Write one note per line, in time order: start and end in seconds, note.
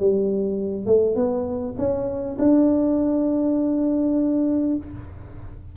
0.00 0.86 G3
0.86 1.16 A3
1.16 1.76 B3
1.78 2.38 C#4
2.39 4.77 D4